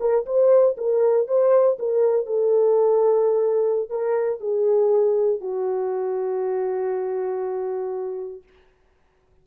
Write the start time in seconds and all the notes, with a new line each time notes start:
0.00 A#4
0.26 C5
0.77 A#4
1.27 C5
1.79 A#4
2.26 A4
3.89 A#4
4.40 G#4
5.40 F#4